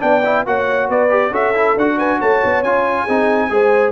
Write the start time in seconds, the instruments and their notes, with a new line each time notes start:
0.00 tuba B3, trombone D4, horn D5, trumpet G5
0.25 trombone E4
0.46 tuba A#3, trombone F#4, horn C#5, trumpet F#5
0.89 tuba B3, horn B4, trumpet D5
1.10 trombone G4
1.31 tuba C#4, trombone F#4, horn A4, trumpet E5
1.55 trombone E4
1.77 tuba D4, trombone F#4, trumpet F#5
1.97 horn B4, trumpet G#5
2.19 tuba A3, horn C#5, trumpet A5
2.45 tuba B3
2.63 tuba C#4, trombone F4, trumpet G#5
3.05 tuba C4, trombone D#4, horn G#4
3.50 tuba G#3, trombone G#4, horn C5